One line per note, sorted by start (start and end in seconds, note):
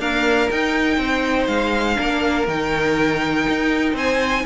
0.00 0.51 A#3
0.00 0.50 D4
0.00 1.00 A#4
0.00 0.51 F5
0.51 0.98 D#4
0.51 1.96 D#4
0.51 1.48 G5
0.98 1.48 C4
0.98 1.98 C5
1.48 1.98 G#3
1.48 2.47 F5
1.96 2.48 A#3
1.96 2.46 D4
1.96 3.95 A#4
2.48 3.47 D#3
2.48 4.46 D#4
2.48 3.98 G5
3.49 3.94 D#4
3.94 4.44 C4
3.94 4.44 C5
3.94 4.46 G#5